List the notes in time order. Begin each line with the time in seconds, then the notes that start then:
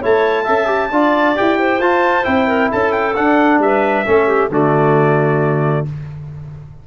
0.00 A3 E4 C#5 A5
0.43 C#4 A4 E5
0.66 G4
0.90 D4 F4 D5
1.35 E4 G4 G5
1.59 C5
1.79 F4 A5
2.23 C4 E4 G5
2.47 A#4
2.71 C#4 A4 A5
2.92 G5
3.15 D4 F#5
3.58 G3 B4 E5
4.05 A3 C#4 A4
4.27 G4
4.49 D3 A3 F#4 D5